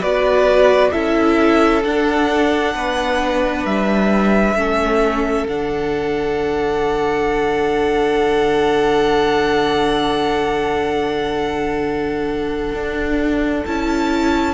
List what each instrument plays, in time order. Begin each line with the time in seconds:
0.00 cello B3, viola F#4, violin B4 D5
0.92 cello C#4, viola E4, violin A4 E5
1.84 viola D4, cello D4, violin F#5
2.75 cello B3, violin B4
3.66 cello G3, violin E5
4.55 cello A3, viola C#4, violin A4
5.45 cello D3, viola D4, violin F#5
12.73 cello D4
13.66 cello C#4, viola E4, violin A5